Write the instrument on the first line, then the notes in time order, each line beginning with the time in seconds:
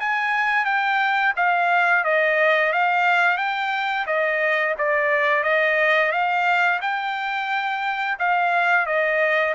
trumpet
0.00 G#5
0.65 G5
1.36 F5
2.04 D#5
2.72 F5
3.37 G5
4.07 D#5
4.78 D5
5.43 D#5
6.12 F5
6.82 G5
8.19 F5
8.86 D#5